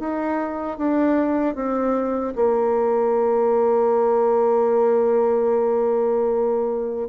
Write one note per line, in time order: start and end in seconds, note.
0.00 0.78 D#4
0.78 1.55 D4
1.55 2.34 C4
2.36 7.09 A#3